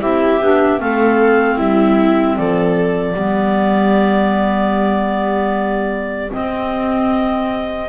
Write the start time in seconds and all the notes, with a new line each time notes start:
0.00 C4 E4 G4 E5
0.41 B3 D4
0.78 A3 C4 A4 F5
1.57 G3 E4 E5
2.37 F3 A4 D5
3.14 G3 B3 G4
6.30 C4 D#5